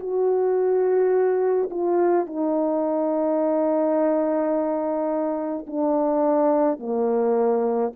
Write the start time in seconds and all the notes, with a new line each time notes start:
0.00 F#4
1.71 F4
2.27 D#4
5.67 D4
6.80 A#3